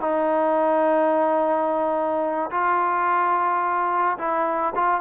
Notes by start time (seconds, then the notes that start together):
0.00 D#4
2.51 F4
4.17 E4
4.75 F4